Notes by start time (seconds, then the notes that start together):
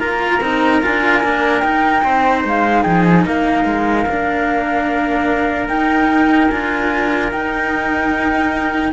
0.00 A#3 F4 A#4 A#5
0.41 C4 D#4
0.82 D4 F4 G#5
1.23 A#3 D4
1.60 D#4 G5
2.04 C4 C5
2.45 G#3 F5
2.83 F3 G#4 G5
3.05 G#5
3.26 A#3 A#4 F5
3.65 G#3
4.07 A#3 D4
5.69 D#4 G5
6.50 D4 F4 G#5
7.32 D#4 G5